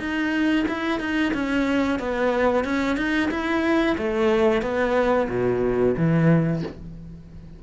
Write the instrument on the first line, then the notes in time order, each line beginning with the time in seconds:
cello
0.00 D#4
0.68 E4
1.00 D#4
1.34 C#4
1.99 B3
2.65 C#4
2.97 D#4
3.31 E4
3.98 A3
4.62 B3
5.30 B2
5.97 E3